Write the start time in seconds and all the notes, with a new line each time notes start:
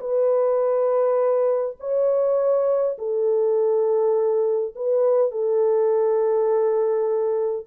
0.00 B4
1.79 C#5
2.98 A4
4.75 B4
5.31 A4